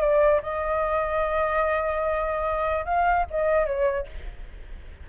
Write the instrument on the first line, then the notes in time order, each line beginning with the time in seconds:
flute
0.00 D5
0.42 D#5
2.85 F5
3.30 D#5
3.66 C#5